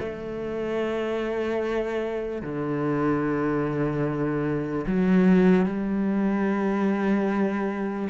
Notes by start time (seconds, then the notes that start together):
0.00 A3
2.43 D3
4.87 F#3
5.66 G3